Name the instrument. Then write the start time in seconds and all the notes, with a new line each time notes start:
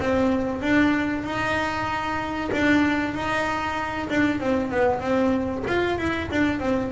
double bass
0.00 C4
0.61 D4
1.24 D#4
2.52 D4
3.14 D#4
4.09 D4
4.40 C4
4.71 B3
5.01 C4
5.67 F4
5.98 E4
6.31 D4
6.60 C4